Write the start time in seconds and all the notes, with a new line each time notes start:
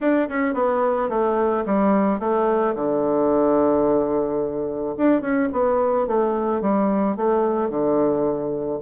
0.00 D4
0.28 C#4
0.54 B3
1.09 A3
1.65 G3
2.19 A3
2.75 D3
4.97 D4
5.21 C#4
5.52 B3
6.07 A3
6.61 G3
7.16 A3
7.69 D3